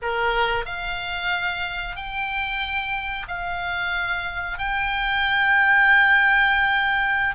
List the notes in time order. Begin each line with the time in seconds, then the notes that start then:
0.02 A#4
0.65 F5
1.96 G5
3.28 F5
4.58 G5